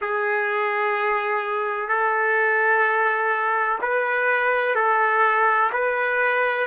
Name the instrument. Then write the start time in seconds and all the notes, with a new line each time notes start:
trumpet
0.01 G#4
1.88 A4
3.81 B4
4.75 A4
5.72 B4